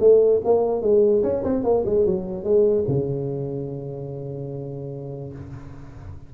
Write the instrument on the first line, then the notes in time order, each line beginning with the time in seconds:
tuba
0.00 A3
0.45 A#3
0.82 G#3
1.23 C#4
1.44 C4
1.64 A#3
1.85 G#3
2.06 F#3
2.44 G#3
2.88 C#3